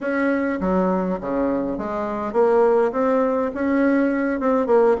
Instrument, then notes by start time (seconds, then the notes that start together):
bassoon
0.00 C#4
0.60 F#3
1.20 C#3
1.78 G#3
2.32 A#3
2.92 C4
3.54 C#4
4.40 C4
4.66 A#3